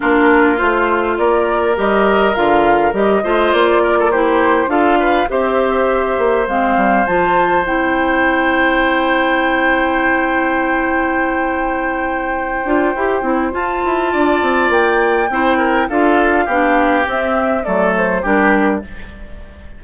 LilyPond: <<
  \new Staff \with { instrumentName = "flute" } { \time 4/4 \tempo 4 = 102 ais'4 c''4 d''4 dis''4 | f''4 dis''4 d''4 c''4 | f''4 e''2 f''4 | a''4 g''2.~ |
g''1~ | g''2. a''4~ | a''4 g''2 f''4~ | f''4 e''4 d''8 c''8 ais'4 | }
  \new Staff \with { instrumentName = "oboe" } { \time 4/4 f'2 ais'2~ | ais'4. c''4 ais'16 a'16 g'4 | a'8 b'8 c''2.~ | c''1~ |
c''1~ | c''1 | d''2 c''8 ais'8 a'4 | g'2 a'4 g'4 | }
  \new Staff \with { instrumentName = "clarinet" } { \time 4/4 d'4 f'2 g'4 | f'4 g'8 f'4. e'4 | f'4 g'2 c'4 | f'4 e'2.~ |
e'1~ | e'4. f'8 g'8 e'8 f'4~ | f'2 e'4 f'4 | d'4 c'4 a4 d'4 | }
  \new Staff \with { instrumentName = "bassoon" } { \time 4/4 ais4 a4 ais4 g4 | d4 g8 a8 ais2 | d'4 c'4. ais8 gis8 g8 | f4 c'2.~ |
c'1~ | c'4. d'8 e'8 c'8 f'8 e'8 | d'8 c'8 ais4 c'4 d'4 | b4 c'4 fis4 g4 | }
>>